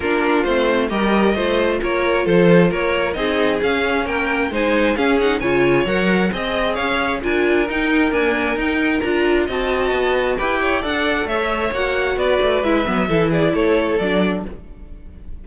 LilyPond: <<
  \new Staff \with { instrumentName = "violin" } { \time 4/4 \tempo 4 = 133 ais'4 c''4 dis''2 | cis''4 c''4 cis''4 dis''4 | f''4 g''4 gis''4 f''8 fis''8 | gis''4 fis''4 dis''4 f''4 |
gis''4 g''4 gis''4 g''4 | ais''4 a''2 g''4 | fis''4 e''4 fis''4 d''4 | e''4. d''8 cis''4 d''4 | }
  \new Staff \with { instrumentName = "violin" } { \time 4/4 f'2 ais'4 c''4 | ais'4 a'4 ais'4 gis'4~ | gis'4 ais'4 c''4 gis'4 | cis''2 dis''4 cis''4 |
ais'1~ | ais'4 dis''2 b'8 cis''8 | d''4 cis''2 b'4~ | b'4 a'8 gis'8 a'2 | }
  \new Staff \with { instrumentName = "viola" } { \time 4/4 d'4 c'4 g'4 f'4~ | f'2. dis'4 | cis'2 dis'4 cis'8 dis'8 | f'4 ais'4 gis'2 |
f'4 dis'4 ais4 dis'4 | f'4 fis'2 g'4 | a'2 fis'2 | e'8 b8 e'2 d'4 | }
  \new Staff \with { instrumentName = "cello" } { \time 4/4 ais4 a4 g4 a4 | ais4 f4 ais4 c'4 | cis'4 ais4 gis4 cis'4 | cis4 fis4 c'4 cis'4 |
d'4 dis'4 d'4 dis'4 | d'4 c'4 b4 e'4 | d'4 a4 ais4 b8 a8 | gis8 fis8 e4 a4 fis4 | }
>>